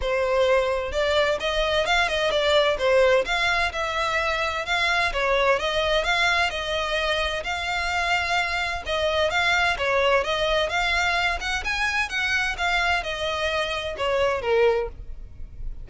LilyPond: \new Staff \with { instrumentName = "violin" } { \time 4/4 \tempo 4 = 129 c''2 d''4 dis''4 | f''8 dis''8 d''4 c''4 f''4 | e''2 f''4 cis''4 | dis''4 f''4 dis''2 |
f''2. dis''4 | f''4 cis''4 dis''4 f''4~ | f''8 fis''8 gis''4 fis''4 f''4 | dis''2 cis''4 ais'4 | }